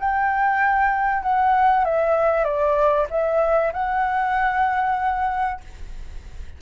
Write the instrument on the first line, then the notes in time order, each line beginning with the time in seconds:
flute
0.00 G5
1.23 F#5
1.85 E5
2.44 D5
3.11 E5
3.73 F#5